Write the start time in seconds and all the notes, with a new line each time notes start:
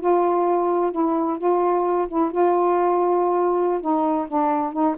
0.00 F4
0.92 E4
1.38 F4
2.08 E4
2.31 F4
3.81 D#4
4.28 D4
4.73 D#4